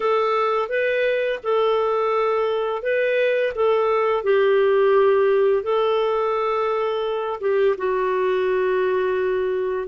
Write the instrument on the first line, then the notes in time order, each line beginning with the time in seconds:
clarinet
0.00 A4
0.69 B4
1.43 A4
2.82 B4
3.55 A4
4.23 G4
5.63 A4
7.40 G4
7.77 F#4